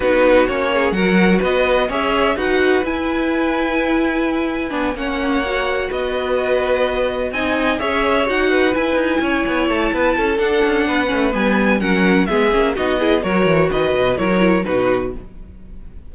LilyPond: <<
  \new Staff \with { instrumentName = "violin" } { \time 4/4 \tempo 4 = 127 b'4 cis''4 fis''4 dis''4 | e''4 fis''4 gis''2~ | gis''2~ gis''8 fis''4.~ | fis''8 dis''2. gis''8~ |
gis''8 e''4 fis''4 gis''4.~ | gis''8 a''4. fis''2 | gis''4 fis''4 e''4 dis''4 | cis''4 dis''4 cis''4 b'4 | }
  \new Staff \with { instrumentName = "violin" } { \time 4/4 fis'4. gis'8 ais'4 b'4 | cis''4 b'2.~ | b'2~ b'8 cis''4.~ | cis''8 b'2. dis''8~ |
dis''8 cis''4. b'4. cis''8~ | cis''4 b'8 a'4. b'4~ | b'4 ais'4 gis'4 fis'8 gis'8 | ais'4 b'4 ais'4 fis'4 | }
  \new Staff \with { instrumentName = "viola" } { \time 4/4 dis'4 cis'4 fis'2 | gis'4 fis'4 e'2~ | e'2 d'8 cis'4 fis'8~ | fis'2.~ fis'8 dis'8~ |
dis'8 gis'4 fis'4 e'4.~ | e'2 d'4. cis'8 | b4 cis'4 b8 cis'8 dis'8 e'8 | fis'2 e'16 dis'16 e'8 dis'4 | }
  \new Staff \with { instrumentName = "cello" } { \time 4/4 b4 ais4 fis4 b4 | cis'4 dis'4 e'2~ | e'2 b8 ais4.~ | ais8 b2. c'8~ |
c'8 cis'4 dis'4 e'8 dis'8 cis'8 | b8 a8 b8 cis'8 d'8 cis'8 b8 a8 | g4 fis4 gis8 ais8 b4 | fis8 e8 dis8 b,8 fis4 b,4 | }
>>